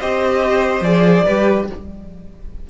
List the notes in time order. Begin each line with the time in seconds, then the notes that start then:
0.00 C4 G4 C5 D#5
0.81 F3 G#4 D5
1.26 G3 G4 B4